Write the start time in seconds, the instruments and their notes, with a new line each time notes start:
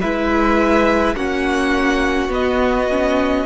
0.00 cello G#3, viola E4, violin B4 E5
1.14 cello A#3, viola C#4, violin F#4 F#5
2.28 cello B3, viola B3, violin D#5
2.90 viola C#4